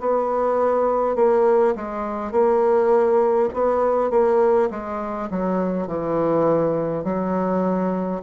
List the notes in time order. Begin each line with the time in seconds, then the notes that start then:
0.00 B3
1.16 A#3
1.76 G#3
2.32 A#3
3.54 B3
4.11 A#3
4.71 G#3
5.30 F#3
5.88 E3
7.04 F#3